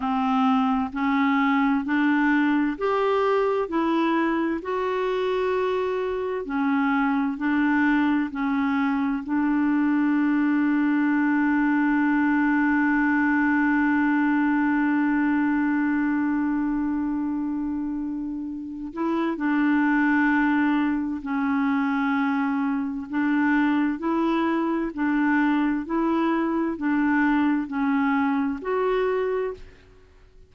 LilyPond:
\new Staff \with { instrumentName = "clarinet" } { \time 4/4 \tempo 4 = 65 c'4 cis'4 d'4 g'4 | e'4 fis'2 cis'4 | d'4 cis'4 d'2~ | d'1~ |
d'1~ | d'8 e'8 d'2 cis'4~ | cis'4 d'4 e'4 d'4 | e'4 d'4 cis'4 fis'4 | }